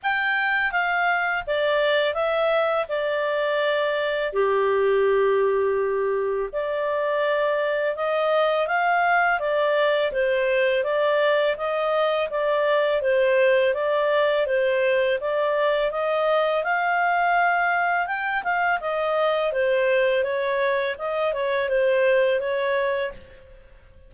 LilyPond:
\new Staff \with { instrumentName = "clarinet" } { \time 4/4 \tempo 4 = 83 g''4 f''4 d''4 e''4 | d''2 g'2~ | g'4 d''2 dis''4 | f''4 d''4 c''4 d''4 |
dis''4 d''4 c''4 d''4 | c''4 d''4 dis''4 f''4~ | f''4 g''8 f''8 dis''4 c''4 | cis''4 dis''8 cis''8 c''4 cis''4 | }